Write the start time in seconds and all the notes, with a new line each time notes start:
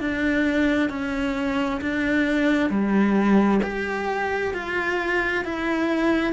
0.00 D4
0.90 C#4
1.81 D4
2.70 G3
3.63 G4
4.54 F4
5.45 E4